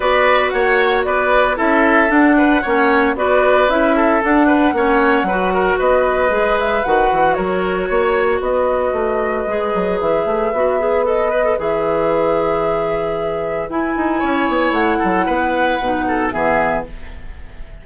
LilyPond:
<<
  \new Staff \with { instrumentName = "flute" } { \time 4/4 \tempo 4 = 114 d''4 fis''4 d''4 e''4 | fis''2 d''4 e''4 | fis''2. dis''4~ | dis''8 e''8 fis''4 cis''2 |
dis''2. e''4~ | e''4 dis''4 e''2~ | e''2 gis''2 | fis''2. e''4 | }
  \new Staff \with { instrumentName = "oboe" } { \time 4/4 b'4 cis''4 b'4 a'4~ | a'8 b'8 cis''4 b'4. a'8~ | a'8 b'8 cis''4 b'8 ais'8 b'4~ | b'2 ais'4 cis''4 |
b'1~ | b'1~ | b'2. cis''4~ | cis''8 a'8 b'4. a'8 gis'4 | }
  \new Staff \with { instrumentName = "clarinet" } { \time 4/4 fis'2. e'4 | d'4 cis'4 fis'4 e'4 | d'4 cis'4 fis'2 | gis'4 fis'2.~ |
fis'2 gis'2 | fis'8 gis'8 a'8 b'16 a'16 gis'2~ | gis'2 e'2~ | e'2 dis'4 b4 | }
  \new Staff \with { instrumentName = "bassoon" } { \time 4/4 b4 ais4 b4 cis'4 | d'4 ais4 b4 cis'4 | d'4 ais4 fis4 b4 | gis4 dis8 e8 fis4 ais4 |
b4 a4 gis8 fis8 e8 a8 | b2 e2~ | e2 e'8 dis'8 cis'8 b8 | a8 fis8 b4 b,4 e4 | }
>>